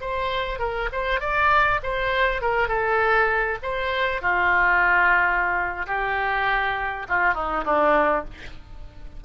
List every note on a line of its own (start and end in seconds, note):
0.00 0.59 C5
0.59 0.89 A#4
0.92 1.20 C5
1.20 1.80 D5
1.83 2.41 C5
2.41 2.68 A#4
2.68 3.58 A4
3.62 4.21 C5
4.21 5.86 F4
5.86 7.06 G4
7.08 7.34 F4
7.34 7.64 D#4
7.64 8.24 D4